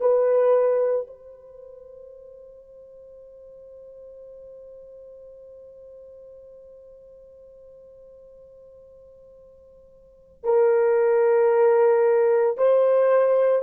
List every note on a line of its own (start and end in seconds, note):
0.00 1.07 B4
1.07 10.43 C5
10.43 12.57 A#4
12.57 13.62 C5